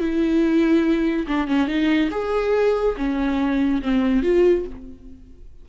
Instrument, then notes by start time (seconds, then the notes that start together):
viola
0.00 E4
1.28 D4
1.48 C#4
1.67 D#4
2.11 G#4
2.97 C#4
3.83 C4
4.23 F4